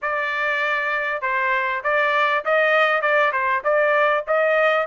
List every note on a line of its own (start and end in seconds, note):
0.02 1.21 D5
1.21 1.82 C5
1.83 2.44 D5
2.44 3.01 D#5
3.01 3.32 D5
3.32 3.62 C5
3.64 4.24 D5
4.27 4.87 D#5